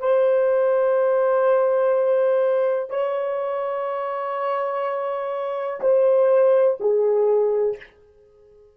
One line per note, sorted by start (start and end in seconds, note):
0.00 2.90 C5
2.90 5.81 C#5
5.81 6.78 C5
6.80 7.77 G#4